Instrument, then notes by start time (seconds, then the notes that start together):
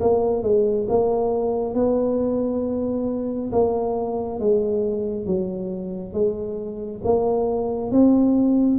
tuba
0.00 A#3
0.43 G#3
0.88 A#3
1.74 B3
3.52 A#3
4.39 G#3
5.25 F#3
6.13 G#3
7.03 A#3
7.91 C4